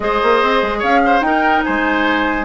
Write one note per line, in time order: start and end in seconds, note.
0.00 0.21 G#3
0.00 1.22 G#4
0.00 0.79 C5
0.00 0.81 D#5
0.23 0.42 A#3
0.42 0.62 C4
0.62 0.83 G#3
0.79 1.20 C#4
0.79 0.99 C#5
0.79 1.21 F5
1.05 1.25 C5
1.20 1.61 D#4
1.20 2.44 D#4
1.20 1.65 A#4
1.20 1.62 G5
1.64 2.44 G#3
1.64 2.44 C5
1.64 2.44 G#5